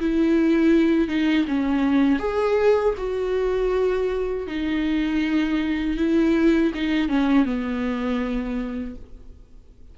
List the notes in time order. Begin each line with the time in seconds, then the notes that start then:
0.00 E4
1.08 D#4
1.48 C#4
2.20 G#4
2.98 F#4
4.48 D#4
5.98 E4
6.74 D#4
7.09 C#4
7.46 B3